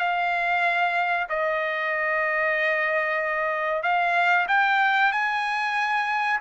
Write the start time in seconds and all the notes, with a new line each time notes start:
0.00 F5
1.29 D#5
3.83 F5
4.49 G5
5.12 G#5